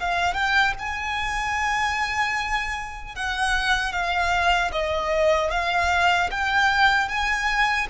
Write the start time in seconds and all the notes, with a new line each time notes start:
0.00 F5
0.34 G5
0.79 G#5
3.15 F#5
3.92 F5
4.72 D#5
5.51 F5
6.31 G5
7.08 G#5